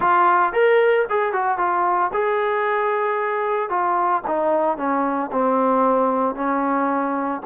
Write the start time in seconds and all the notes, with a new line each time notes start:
0.00 F4
0.52 A#4
1.09 G#4
1.33 F#4
1.58 F4
2.13 G#4
3.69 F4
4.27 D#4
4.77 C#4
5.31 C4
6.35 C#4